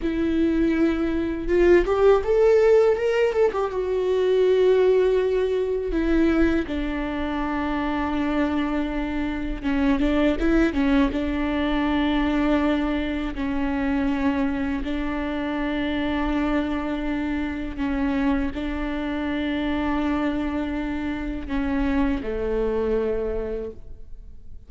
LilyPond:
\new Staff \with { instrumentName = "viola" } { \time 4/4 \tempo 4 = 81 e'2 f'8 g'8 a'4 | ais'8 a'16 g'16 fis'2. | e'4 d'2.~ | d'4 cis'8 d'8 e'8 cis'8 d'4~ |
d'2 cis'2 | d'1 | cis'4 d'2.~ | d'4 cis'4 a2 | }